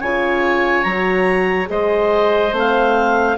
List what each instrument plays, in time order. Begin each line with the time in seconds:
0.00 bassoon C#3, horn F4, oboe C#5, clarinet G#5
0.83 bassoon F#3, horn F#4, clarinet A#5
1.65 bassoon G#3, horn G#4, oboe C5, clarinet D#5
2.52 bassoon A3, horn C4, clarinet F5